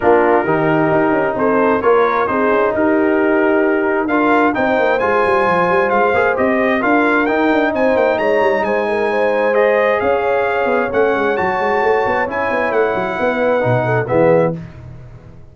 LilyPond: <<
  \new Staff \with { instrumentName = "trumpet" } { \time 4/4 \tempo 4 = 132 ais'2. c''4 | cis''4 c''4 ais'2~ | ais'4 f''4 g''4 gis''4~ | gis''4 f''4 dis''4 f''4 |
g''4 gis''8 g''8 ais''4 gis''4~ | gis''4 dis''4 f''2 | fis''4 a''2 gis''4 | fis''2. e''4 | }
  \new Staff \with { instrumentName = "horn" } { \time 4/4 f'4 g'2 a'4 | ais'4 gis'4 g'2~ | g'4 ais'4 c''2~ | c''2. ais'4~ |
ais'4 c''4 cis''4 c''8 ais'8 | c''2 cis''2~ | cis''1~ | cis''4 b'4. a'8 gis'4 | }
  \new Staff \with { instrumentName = "trombone" } { \time 4/4 d'4 dis'2. | f'4 dis'2.~ | dis'4 f'4 dis'4 f'4~ | f'4. gis'8 g'4 f'4 |
dis'1~ | dis'4 gis'2. | cis'4 fis'2 e'4~ | e'2 dis'4 b4 | }
  \new Staff \with { instrumentName = "tuba" } { \time 4/4 ais4 dis4 dis'8 cis'8 c'4 | ais4 c'8 cis'8 dis'2~ | dis'4 d'4 c'8 ais8 gis8 g8 | f8 g8 gis8 ais8 c'4 d'4 |
dis'8 d'8 c'8 ais8 gis8 g8 gis4~ | gis2 cis'4. b8 | a8 gis8 fis8 gis8 a8 b8 cis'8 b8 | a8 fis8 b4 b,4 e4 | }
>>